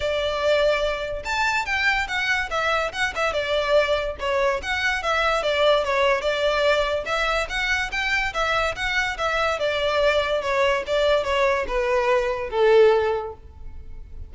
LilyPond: \new Staff \with { instrumentName = "violin" } { \time 4/4 \tempo 4 = 144 d''2. a''4 | g''4 fis''4 e''4 fis''8 e''8 | d''2 cis''4 fis''4 | e''4 d''4 cis''4 d''4~ |
d''4 e''4 fis''4 g''4 | e''4 fis''4 e''4 d''4~ | d''4 cis''4 d''4 cis''4 | b'2 a'2 | }